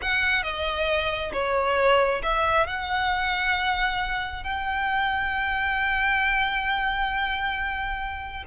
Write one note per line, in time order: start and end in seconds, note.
0.02 0.43 F#5
0.43 1.32 D#5
1.33 2.21 C#5
2.22 2.66 E5
2.66 4.43 F#5
4.43 8.43 G5